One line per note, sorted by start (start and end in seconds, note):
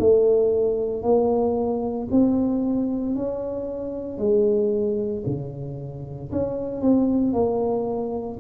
0.00 1.03 A3
1.03 2.09 A#3
2.11 3.16 C4
3.16 4.19 C#4
4.19 5.24 G#3
5.27 6.32 C#3
6.32 6.82 C#4
6.82 7.33 C4
7.33 8.39 A#3